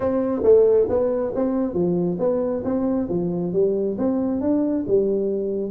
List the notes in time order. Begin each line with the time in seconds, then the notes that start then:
0.00 C4
0.43 A3
0.89 B3
1.35 C4
1.73 F3
2.19 B3
2.64 C4
3.08 F3
3.52 G3
3.98 C4
4.40 D4
4.87 G3